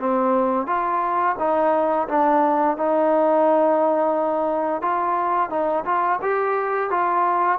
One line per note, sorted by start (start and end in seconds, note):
0.00 0.67 C4
0.67 1.36 F4
1.39 2.08 D#4
2.09 2.78 D4
2.78 4.82 D#4
4.82 5.50 F4
5.50 5.85 D#4
5.85 6.20 F4
6.22 6.91 G4
6.91 7.60 F4